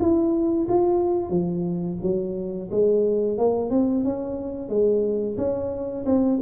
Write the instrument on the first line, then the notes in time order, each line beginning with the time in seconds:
tuba
0.00 E4
0.68 F4
1.30 F3
2.03 F#3
2.71 G#3
3.38 A#3
3.70 C4
4.04 C#4
4.69 G#3
5.37 C#4
6.06 C4